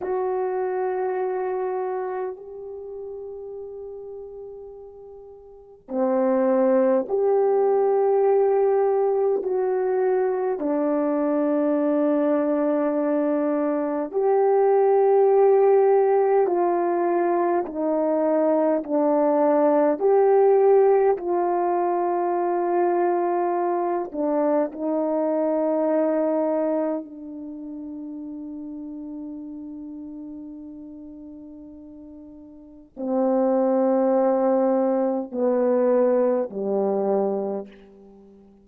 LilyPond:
\new Staff \with { instrumentName = "horn" } { \time 4/4 \tempo 4 = 51 fis'2 g'2~ | g'4 c'4 g'2 | fis'4 d'2. | g'2 f'4 dis'4 |
d'4 g'4 f'2~ | f'8 d'8 dis'2 d'4~ | d'1 | c'2 b4 g4 | }